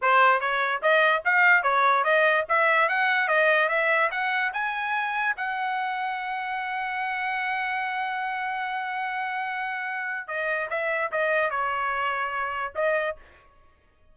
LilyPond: \new Staff \with { instrumentName = "trumpet" } { \time 4/4 \tempo 4 = 146 c''4 cis''4 dis''4 f''4 | cis''4 dis''4 e''4 fis''4 | dis''4 e''4 fis''4 gis''4~ | gis''4 fis''2.~ |
fis''1~ | fis''1~ | fis''4 dis''4 e''4 dis''4 | cis''2. dis''4 | }